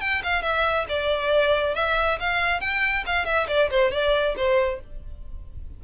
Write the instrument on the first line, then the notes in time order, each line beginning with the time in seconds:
violin
0.00 G5
0.23 F5
0.42 E5
0.88 D5
1.75 E5
2.19 F5
2.60 G5
3.06 F5
3.25 E5
3.48 D5
3.70 C5
3.91 D5
4.36 C5